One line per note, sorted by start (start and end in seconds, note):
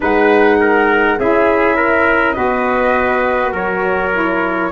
0.00 1.18 G#3
0.00 1.18 D#4
0.00 0.59 B4
0.00 1.19 F#5
0.60 1.19 A#4
1.18 2.36 C#4
1.18 2.34 E4
1.18 1.76 G#4
1.18 2.32 E5
1.76 2.35 A#4
2.32 3.52 B3
2.32 4.10 F#4
2.32 3.52 B4
2.32 3.50 D#5
3.52 4.70 F#3
3.52 4.70 A#4
3.52 4.71 C#5
4.12 4.71 E4